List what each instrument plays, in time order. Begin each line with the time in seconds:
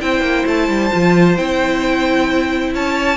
0.00 cello C4, viola E4, violin C5 G5
0.21 cello A#3
0.46 cello A3, violin A5
0.68 cello G3
0.92 cello F3, viola F4
1.37 cello C4, viola E4, violin G5
2.74 cello C#4, violin C#5 A5